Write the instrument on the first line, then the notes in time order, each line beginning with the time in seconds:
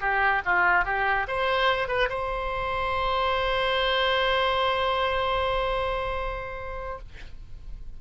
oboe
0.00 G4
0.45 F4
0.85 G4
1.27 C5
1.88 B4
2.09 C5